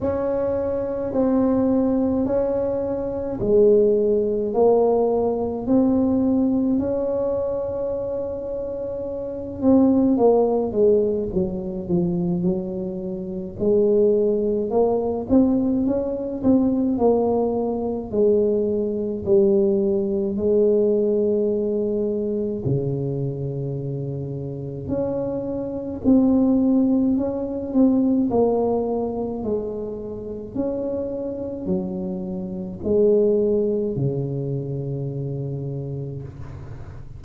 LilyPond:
\new Staff \with { instrumentName = "tuba" } { \time 4/4 \tempo 4 = 53 cis'4 c'4 cis'4 gis4 | ais4 c'4 cis'2~ | cis'8 c'8 ais8 gis8 fis8 f8 fis4 | gis4 ais8 c'8 cis'8 c'8 ais4 |
gis4 g4 gis2 | cis2 cis'4 c'4 | cis'8 c'8 ais4 gis4 cis'4 | fis4 gis4 cis2 | }